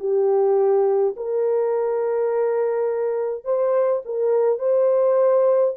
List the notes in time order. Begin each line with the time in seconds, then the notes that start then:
0.00 G4
1.17 A#4
3.45 C5
4.06 A#4
4.59 C5